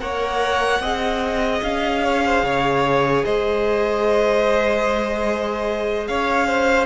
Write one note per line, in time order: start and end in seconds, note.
0.00 0.80 A#3
0.00 0.81 A#4
0.00 0.82 C#5
0.00 1.63 F#5
0.80 1.61 C4
0.80 6.87 G#4
0.80 2.04 D#5
1.63 2.43 C#4
1.63 3.25 F5
2.04 2.24 C#5
2.25 2.46 C5
2.43 3.24 C#3
2.43 3.26 C#5
3.25 6.09 G#3
3.25 6.09 C5
3.25 6.08 D#5
6.08 6.87 C#4
6.08 6.48 C#5
6.08 6.87 F5
6.48 6.87 C5